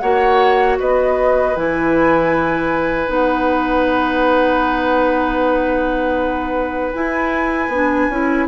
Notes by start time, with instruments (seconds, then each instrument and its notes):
0.00 bassoon A#3, clarinet F#4, oboe C#5, flute F#5
0.79 bassoon B3, oboe B4, flute D#5
1.56 bassoon E3, clarinet E4, flute G#5
3.08 bassoon B3, clarinet D#4, flute F#5
6.93 clarinet E4, bassoon E4, flute G#5
7.69 bassoon B3, clarinet D4
8.10 bassoon C#4, clarinet E4